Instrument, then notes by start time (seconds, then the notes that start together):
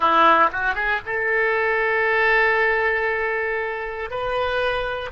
oboe
0.00 E4
0.52 F#4
0.74 G#4
1.05 A4
4.10 B4